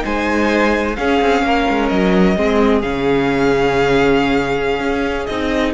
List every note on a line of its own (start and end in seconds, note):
0.00 0.97 G#3
0.00 0.93 D#4
0.00 0.97 C5
0.00 0.96 G#5
0.96 1.20 C#4
0.96 2.36 C#4
0.96 1.45 G#4
0.96 1.88 F5
1.21 1.42 C4
1.42 1.66 A#3
1.42 2.37 A#4
1.69 1.91 G#3
1.88 2.36 F#3
1.88 2.81 D#5
2.36 2.83 G#3
2.36 2.82 C4
2.36 5.74 G#4
2.81 4.79 C#3
2.81 5.27 C#4
2.81 5.25 F5
4.79 5.26 C#4
5.26 5.74 C4
5.26 5.74 D#4
5.26 5.72 D#5